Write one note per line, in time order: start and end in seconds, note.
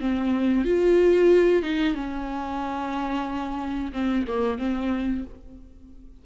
0.00 0.65 C4
0.65 1.63 F4
1.63 1.95 D#4
1.95 3.93 C#4
3.93 4.26 C4
4.28 4.59 A#3
4.59 5.24 C4